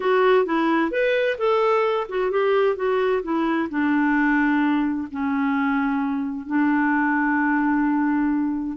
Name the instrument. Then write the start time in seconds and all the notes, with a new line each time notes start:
clarinet
0.00 F#4
0.45 E4
0.91 B4
1.38 A4
2.09 F#4
2.31 G4
2.76 F#4
3.22 E4
3.69 D4
5.11 C#4
6.46 D4